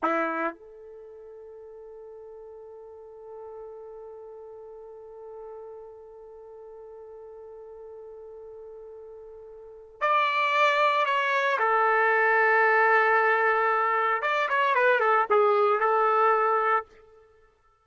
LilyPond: \new Staff \with { instrumentName = "trumpet" } { \time 4/4 \tempo 4 = 114 e'4 a'2.~ | a'1~ | a'1~ | a'1~ |
a'2. d''4~ | d''4 cis''4 a'2~ | a'2. d''8 cis''8 | b'8 a'8 gis'4 a'2 | }